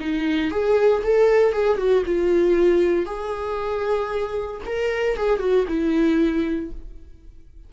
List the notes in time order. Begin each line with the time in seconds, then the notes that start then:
0.00 D#4
0.51 G#4
1.04 A4
1.53 G#4
1.78 F#4
2.06 F4
3.06 G#4
4.66 A#4
5.17 G#4
5.40 F#4
5.68 E4